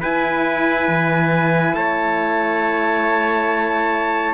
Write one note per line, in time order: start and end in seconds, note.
0.00 4.33 E4
0.00 0.87 E4
0.00 1.74 B4
0.00 1.74 G#5
0.87 1.73 E3
1.73 4.33 A3
1.73 4.33 C#5
1.73 4.33 A5